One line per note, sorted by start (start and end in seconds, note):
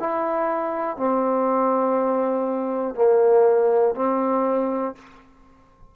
0.00 0.98 E4
0.98 2.95 C4
2.95 3.95 A#3
3.95 4.95 C4